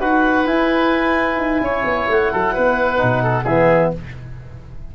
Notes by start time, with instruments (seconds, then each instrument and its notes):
0.00 tuba D#4, trombone F#4, oboe B4, clarinet F#5
0.46 tuba E4, trombone E4, clarinet G#5
1.37 tuba D#4
1.61 tuba C#4, oboe C#5
1.84 tuba B3
2.08 tuba A3, clarinet F#5
2.32 tuba F#3, oboe A4
2.54 tuba B3, oboe B4
2.97 tuba B2, trombone D#4
3.23 oboe A4
3.44 tuba E3, trombone B3, oboe G#4, clarinet E5